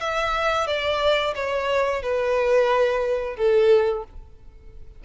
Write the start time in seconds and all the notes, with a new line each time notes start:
0.00 E5
0.66 D5
1.35 C#5
2.02 B4
3.36 A4